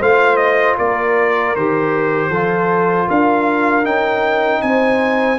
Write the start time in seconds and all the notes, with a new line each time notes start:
0.00 A3 F4 C5 F5
0.37 D#5
0.77 A#3 A#4 D5
1.55 D#3 G4 C5
2.30 F3 F4 A4
3.08 D4 A#4 F5
3.83 C#4 D#4 G5
4.62 C4 C5 G#5